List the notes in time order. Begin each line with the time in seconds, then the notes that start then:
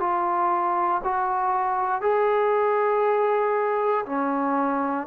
0.00 F4
1.04 F#4
2.02 G#4
4.06 C#4